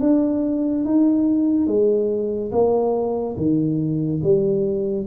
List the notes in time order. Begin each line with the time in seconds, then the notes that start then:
0.00 D4
0.85 D#4
1.67 G#3
2.51 A#3
3.36 D#3
4.23 G3